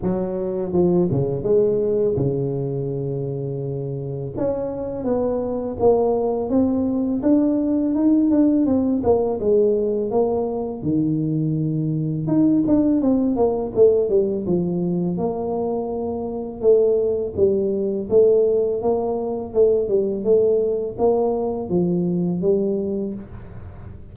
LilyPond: \new Staff \with { instrumentName = "tuba" } { \time 4/4 \tempo 4 = 83 fis4 f8 cis8 gis4 cis4~ | cis2 cis'4 b4 | ais4 c'4 d'4 dis'8 d'8 | c'8 ais8 gis4 ais4 dis4~ |
dis4 dis'8 d'8 c'8 ais8 a8 g8 | f4 ais2 a4 | g4 a4 ais4 a8 g8 | a4 ais4 f4 g4 | }